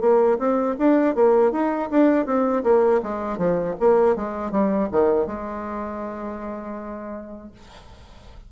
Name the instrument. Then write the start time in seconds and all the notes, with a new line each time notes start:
bassoon
0.00 A#3
0.38 C4
0.78 D4
1.15 A#3
1.51 D#4
1.91 D4
2.25 C4
2.63 A#3
3.02 G#3
3.37 F3
3.79 A#3
4.15 G#3
4.51 G3
4.91 D#3
5.26 G#3